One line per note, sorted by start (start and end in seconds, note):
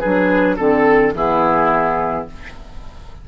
0.00 0.58 F#3
0.00 0.58 D4
0.00 0.56 G#4
0.00 0.56 B4
0.57 1.13 D3
0.57 1.13 C4
0.57 1.12 A4
0.57 1.14 A4
1.13 2.25 E3
1.13 2.27 B3
1.13 2.28 E4
1.13 2.27 G#4